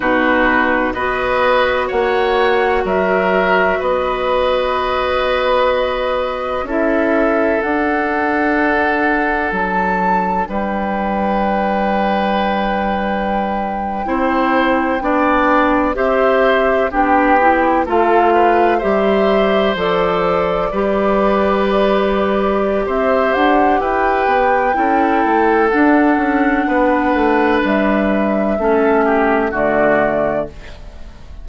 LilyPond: <<
  \new Staff \with { instrumentName = "flute" } { \time 4/4 \tempo 4 = 63 b'4 dis''4 fis''4 e''4 | dis''2. e''4 | fis''2 a''4 g''4~ | g''1~ |
g''8. e''4 g''4 f''4 e''16~ | e''8. d''2.~ d''16 | e''8 fis''8 g''2 fis''4~ | fis''4 e''2 d''4 | }
  \new Staff \with { instrumentName = "oboe" } { \time 4/4 fis'4 b'4 cis''4 ais'4 | b'2. a'4~ | a'2. b'4~ | b'2~ b'8. c''4 d''16~ |
d''8. c''4 g'4 a'8 b'8 c''16~ | c''4.~ c''16 b'2~ b'16 | c''4 b'4 a'2 | b'2 a'8 g'8 fis'4 | }
  \new Staff \with { instrumentName = "clarinet" } { \time 4/4 dis'4 fis'2.~ | fis'2. e'4 | d'1~ | d'2~ d'8. e'4 d'16~ |
d'8. g'4 d'8 e'8 f'4 g'16~ | g'8. a'4 g'2~ g'16~ | g'2 e'4 d'4~ | d'2 cis'4 a4 | }
  \new Staff \with { instrumentName = "bassoon" } { \time 4/4 b,4 b4 ais4 fis4 | b2. cis'4 | d'2 fis4 g4~ | g2~ g8. c'4 b16~ |
b8. c'4 b4 a4 g16~ | g8. f4 g2~ g16 | c'8 d'8 e'8 b8 cis'8 a8 d'8 cis'8 | b8 a8 g4 a4 d4 | }
>>